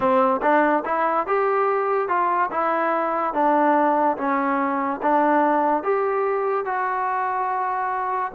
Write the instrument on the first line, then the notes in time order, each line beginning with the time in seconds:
trombone
0.00 C4
0.42 D4
0.85 E4
1.26 G4
2.08 F4
2.51 E4
3.33 D4
4.17 C#4
5.02 D4
5.83 G4
6.65 F#4